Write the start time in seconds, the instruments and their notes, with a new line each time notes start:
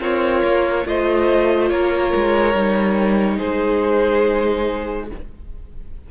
0.00 cello C4, violin F4 C#5, viola A#4
0.43 cello A#3
0.84 cello A3, viola F4, violin C5 D#5
1.69 cello A#3, violin A#4 C#5
2.15 cello G#3
2.54 cello G3, viola D#4
3.36 cello G#3, violin G#4 C5